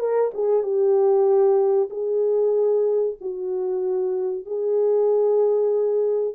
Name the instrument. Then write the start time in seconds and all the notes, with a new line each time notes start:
horn
0.00 A#4
0.34 G#4
0.63 G4
1.90 G#4
3.21 F#4
4.46 G#4